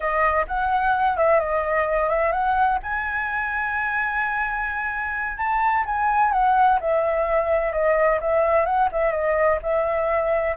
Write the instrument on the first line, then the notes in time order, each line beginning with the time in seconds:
flute
0.00 D#5
0.47 F#5
1.17 E5
1.39 D#5
2.09 E5
2.32 F#5
2.82 G#5
5.37 A5
5.85 G#5
6.32 F#5
6.80 E5
7.72 D#5
8.20 E5
8.65 F#5
8.91 E5
9.11 D#5
9.62 E5